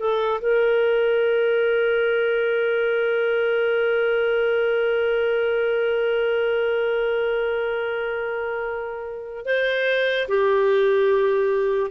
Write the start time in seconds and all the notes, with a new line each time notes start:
0.00 A4
0.42 A#4
9.46 C5
10.29 G4